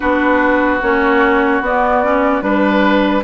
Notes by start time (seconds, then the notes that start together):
0.00 B3 D4 F#4 B4
0.82 A#3 C#4 C#5
1.60 B3 D5
2.03 C#4
2.41 G3 D4 B4